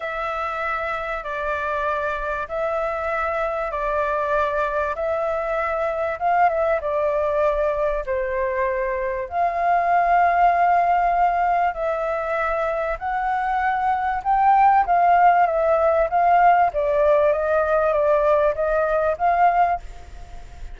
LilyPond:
\new Staff \with { instrumentName = "flute" } { \time 4/4 \tempo 4 = 97 e''2 d''2 | e''2 d''2 | e''2 f''8 e''8 d''4~ | d''4 c''2 f''4~ |
f''2. e''4~ | e''4 fis''2 g''4 | f''4 e''4 f''4 d''4 | dis''4 d''4 dis''4 f''4 | }